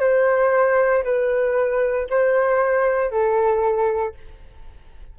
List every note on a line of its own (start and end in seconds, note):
0.00 1.03 C5
1.04 2.08 B4
2.10 3.11 C5
3.11 4.15 A4